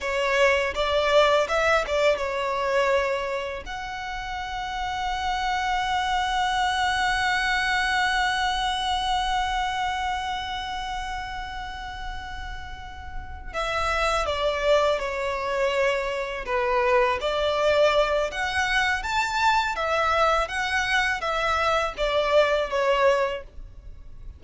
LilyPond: \new Staff \with { instrumentName = "violin" } { \time 4/4 \tempo 4 = 82 cis''4 d''4 e''8 d''8 cis''4~ | cis''4 fis''2.~ | fis''1~ | fis''1~ |
fis''2~ fis''8 e''4 d''8~ | d''8 cis''2 b'4 d''8~ | d''4 fis''4 a''4 e''4 | fis''4 e''4 d''4 cis''4 | }